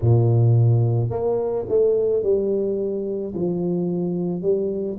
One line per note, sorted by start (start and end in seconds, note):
0.01 1.10 A#2
1.10 1.65 A#3
1.68 2.22 A3
2.22 3.33 G3
3.34 4.41 F3
4.41 4.97 G3